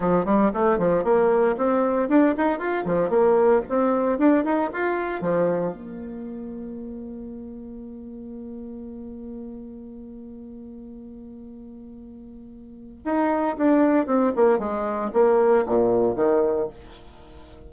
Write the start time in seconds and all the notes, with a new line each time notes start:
0.00 F3
0.25 G3
0.53 A3
0.78 F3
1.03 A#3
1.57 C4
2.08 D4
2.37 D#4
2.58 F4
2.85 F3
3.09 A#3
3.69 C4
4.18 D4
4.44 D#4
4.72 F4
5.21 F3
5.72 A#3
13.04 D#4
13.57 D4
14.06 C4
14.35 A#3
14.58 G#3
15.13 A#3
15.66 A#2
16.15 D#3